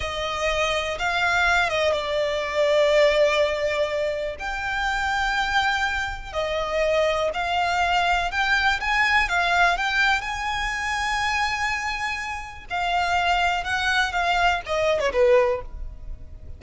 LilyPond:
\new Staff \with { instrumentName = "violin" } { \time 4/4 \tempo 4 = 123 dis''2 f''4. dis''8 | d''1~ | d''4 g''2.~ | g''4 dis''2 f''4~ |
f''4 g''4 gis''4 f''4 | g''4 gis''2.~ | gis''2 f''2 | fis''4 f''4 dis''8. cis''16 b'4 | }